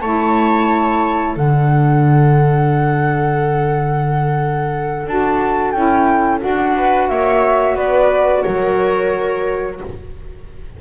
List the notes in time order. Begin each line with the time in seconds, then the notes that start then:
0.00 A3 E4 C#5 A5
1.35 D3 D4 A4 F#5
5.06 D4 F#4 A5
5.71 C#4 E4 G5
6.40 D4 F#4 F#5
6.76 B4
7.09 A#3 C#5 E5
7.75 B3 B4 D5
8.42 F#3 A#4 C#5